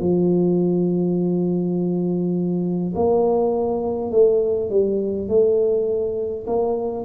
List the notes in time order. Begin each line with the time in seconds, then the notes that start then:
0.00 F3
2.96 A#3
4.11 A3
4.70 G3
5.28 A3
6.47 A#3